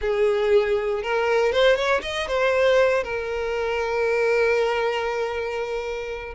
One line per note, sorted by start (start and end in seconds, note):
0.01 1.02 G#4
1.02 1.52 A#4
1.52 1.75 C5
1.75 2.01 C#5
2.02 2.27 D#5
2.27 3.03 C5
3.03 6.34 A#4